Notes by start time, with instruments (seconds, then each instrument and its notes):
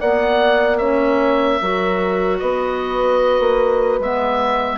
0.00 bassoon A#3, clarinet B3, horn D5, oboe F#5
0.78 clarinet C#4, horn C#5, oboe E5
1.61 bassoon F#3, clarinet F#4, horn A#4
2.39 bassoon B3, horn B4, oboe D#5
3.40 bassoon A#3
3.99 bassoon G#3, clarinet B3, oboe E5